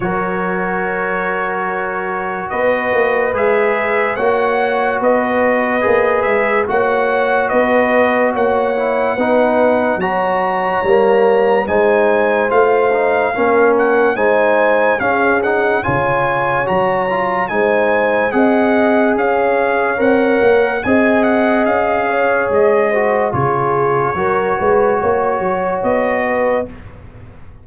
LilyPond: <<
  \new Staff \with { instrumentName = "trumpet" } { \time 4/4 \tempo 4 = 72 cis''2. dis''4 | e''4 fis''4 dis''4. e''8 | fis''4 dis''4 fis''2 | ais''2 gis''4 f''4~ |
f''8 fis''8 gis''4 f''8 fis''8 gis''4 | ais''4 gis''4 fis''4 f''4 | fis''4 gis''8 fis''8 f''4 dis''4 | cis''2. dis''4 | }
  \new Staff \with { instrumentName = "horn" } { \time 4/4 ais'2. b'4~ | b'4 cis''4 b'2 | cis''4 b'4 cis''4 b'4 | cis''2 c''2 |
ais'4 c''4 gis'4 cis''4~ | cis''4 c''4 dis''4 cis''4~ | cis''4 dis''4. cis''4 c''8 | gis'4 ais'8 b'8 cis''4. b'8 | }
  \new Staff \with { instrumentName = "trombone" } { \time 4/4 fis'1 | gis'4 fis'2 gis'4 | fis'2~ fis'8 e'8 dis'4 | fis'4 ais4 dis'4 f'8 dis'8 |
cis'4 dis'4 cis'8 dis'8 f'4 | fis'8 f'8 dis'4 gis'2 | ais'4 gis'2~ gis'8 fis'8 | f'4 fis'2. | }
  \new Staff \with { instrumentName = "tuba" } { \time 4/4 fis2. b8 ais8 | gis4 ais4 b4 ais8 gis8 | ais4 b4 ais4 b4 | fis4 g4 gis4 a4 |
ais4 gis4 cis'4 cis4 | fis4 gis4 c'4 cis'4 | c'8 ais8 c'4 cis'4 gis4 | cis4 fis8 gis8 ais8 fis8 b4 | }
>>